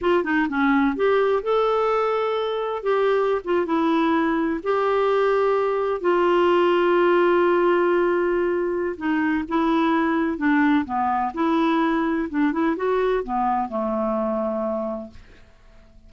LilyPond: \new Staff \with { instrumentName = "clarinet" } { \time 4/4 \tempo 4 = 127 f'8 dis'8 cis'4 g'4 a'4~ | a'2 g'4~ g'16 f'8 e'16~ | e'4.~ e'16 g'2~ g'16~ | g'8. f'2.~ f'16~ |
f'2. dis'4 | e'2 d'4 b4 | e'2 d'8 e'8 fis'4 | b4 a2. | }